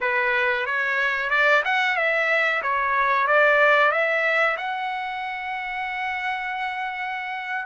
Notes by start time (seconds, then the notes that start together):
0.01 B4
0.66 C#5
1.30 D5
1.64 F#5
1.96 E5
2.62 C#5
3.27 D5
3.91 E5
4.57 F#5